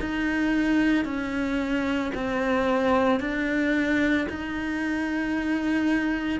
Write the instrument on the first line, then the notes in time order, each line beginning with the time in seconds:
cello
0.00 D#4
1.05 C#4
2.14 C4
3.20 D4
4.29 D#4